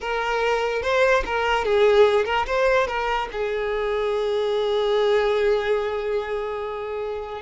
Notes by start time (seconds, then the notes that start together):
0.00 A#4
0.82 C5
1.25 A#4
1.64 G#4
2.25 A#4
2.46 C5
2.87 A#4
3.31 G#4